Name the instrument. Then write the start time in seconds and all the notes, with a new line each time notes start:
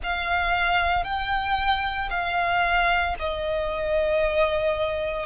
violin
0.02 F5
1.03 G5
2.10 F5
3.19 D#5